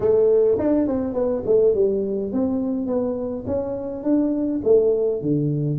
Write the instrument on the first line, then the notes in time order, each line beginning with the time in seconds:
tuba
0.00 A3
0.58 D4
0.87 C4
1.13 B3
1.46 A3
1.74 G3
2.32 C4
2.86 B3
3.46 C#4
4.03 D4
4.64 A3
5.21 D3